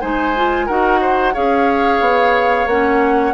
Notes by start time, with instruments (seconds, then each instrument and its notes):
0.00 bassoon G#3, clarinet D#4, oboe C5, flute G#5
0.36 clarinet F4
0.66 bassoon D#4, clarinet F#4, oboe A#4, flute F#5
1.01 oboe C5
1.33 bassoon C#4, clarinet G#4, oboe C#5, flute F5
2.00 bassoon B3
2.66 bassoon A#3, clarinet C#4, flute F#5